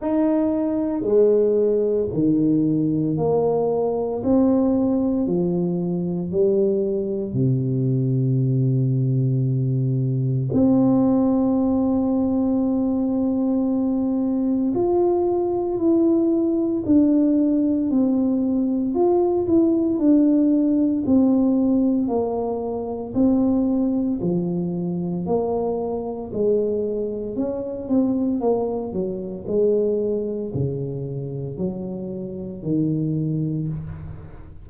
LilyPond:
\new Staff \with { instrumentName = "tuba" } { \time 4/4 \tempo 4 = 57 dis'4 gis4 dis4 ais4 | c'4 f4 g4 c4~ | c2 c'2~ | c'2 f'4 e'4 |
d'4 c'4 f'8 e'8 d'4 | c'4 ais4 c'4 f4 | ais4 gis4 cis'8 c'8 ais8 fis8 | gis4 cis4 fis4 dis4 | }